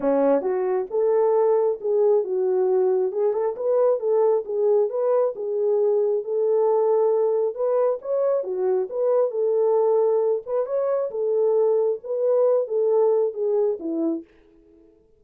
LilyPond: \new Staff \with { instrumentName = "horn" } { \time 4/4 \tempo 4 = 135 cis'4 fis'4 a'2 | gis'4 fis'2 gis'8 a'8 | b'4 a'4 gis'4 b'4 | gis'2 a'2~ |
a'4 b'4 cis''4 fis'4 | b'4 a'2~ a'8 b'8 | cis''4 a'2 b'4~ | b'8 a'4. gis'4 e'4 | }